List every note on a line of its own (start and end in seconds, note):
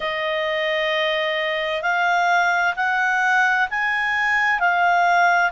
0.00 1.82 D#5
1.82 2.74 F5
2.76 3.68 F#5
3.70 4.59 G#5
4.59 5.51 F5